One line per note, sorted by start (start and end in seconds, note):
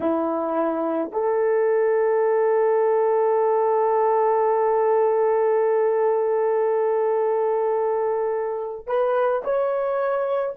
0.00 1.11 E4
1.12 8.86 A4
8.86 9.42 B4
9.44 10.55 C#5